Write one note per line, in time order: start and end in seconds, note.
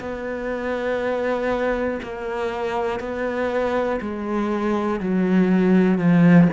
0.00 2.00 B3
2.02 3.00 A#3
3.00 4.00 B3
4.01 5.00 G#3
5.00 5.98 F#3
5.98 6.48 F3